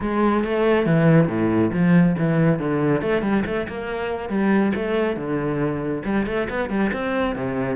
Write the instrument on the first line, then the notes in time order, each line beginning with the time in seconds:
cello
0.00 G#3
0.44 A3
0.86 E3
1.28 A2
1.73 F3
2.18 E3
2.59 D3
3.01 A3
3.22 G3
3.45 A3
3.67 A#3
4.29 G3
4.75 A3
5.16 D3
6.04 G3
6.26 A3
6.49 B3
6.69 G3
6.92 C4
7.35 C3